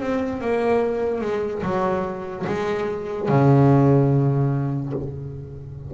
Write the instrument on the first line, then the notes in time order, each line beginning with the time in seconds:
double bass
0.00 C4
0.41 A#3
1.21 G#3
1.63 F#3
2.47 G#3
3.28 C#3